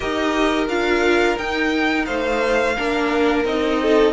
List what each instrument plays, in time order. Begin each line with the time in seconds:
0.00 cello D#4, viola G4, violin A#4 D#5
0.67 cello D4, viola F4, violin F5
1.37 viola D#4, cello D#4, violin G5
2.05 cello A3, violin C5 F5
2.77 cello A#3, viola D4, violin A#4
3.44 cello C4, viola D#4, violin D#5
3.82 violin A4